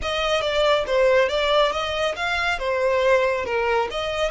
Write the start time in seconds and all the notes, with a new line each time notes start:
0.02 D#5
0.41 D5
0.86 C5
1.28 D5
1.71 D#5
2.15 F5
2.58 C5
3.45 A#4
3.91 D#5